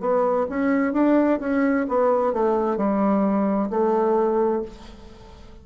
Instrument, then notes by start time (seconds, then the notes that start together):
bassoon
0.00 B3
0.49 C#4
0.93 D4
1.40 C#4
1.88 B3
2.33 A3
2.77 G3
3.70 A3